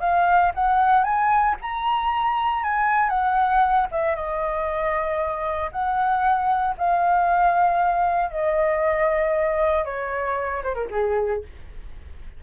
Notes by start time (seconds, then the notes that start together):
0.00 F5
0.55 F#5
1.03 G#5
1.61 A#5
2.64 G#5
3.09 F#5
3.91 E5
4.15 D#5
5.72 F#5
6.78 F5
8.30 D#5
9.85 C#5
10.63 C5
10.75 A#4
10.91 G#4